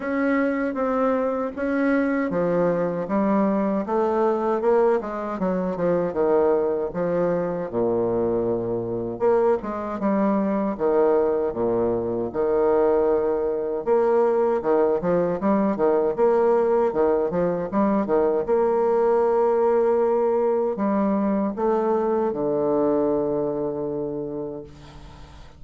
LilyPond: \new Staff \with { instrumentName = "bassoon" } { \time 4/4 \tempo 4 = 78 cis'4 c'4 cis'4 f4 | g4 a4 ais8 gis8 fis8 f8 | dis4 f4 ais,2 | ais8 gis8 g4 dis4 ais,4 |
dis2 ais4 dis8 f8 | g8 dis8 ais4 dis8 f8 g8 dis8 | ais2. g4 | a4 d2. | }